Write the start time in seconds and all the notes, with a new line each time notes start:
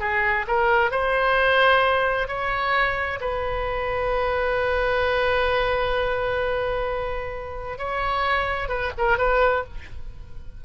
0.00 G#4
0.48 A#4
0.91 C5
2.28 C#5
3.21 B4
7.78 C#5
8.69 B4
8.98 A#4
9.18 B4